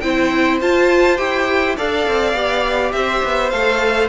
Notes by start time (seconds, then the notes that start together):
0.00 C4 E4 C5 G5
0.61 F4 A5
1.17 E4 G4 G5
1.77 D4 A4 D5 F5
2.08 C4
2.34 B3 G4
2.92 C4 C5 E5
3.24 B3
3.50 A3 A4 F5